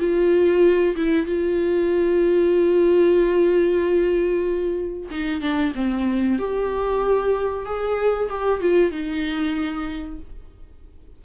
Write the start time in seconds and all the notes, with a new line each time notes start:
0.00 F4
0.96 E4
1.26 F4
5.11 D#4
5.41 D4
5.75 C4
6.39 G4
7.66 G#4
8.30 G4
8.61 F4
8.92 D#4